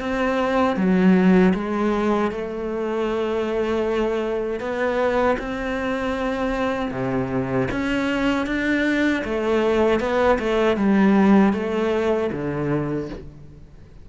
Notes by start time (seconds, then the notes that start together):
0.00 C4
0.76 F#3
1.54 G#3
2.31 A3
4.60 B3
5.39 C4
6.91 C3
7.71 C#4
8.47 D4
9.24 A3
10.00 B3
10.39 A3
10.77 G3
11.53 A3
12.32 D3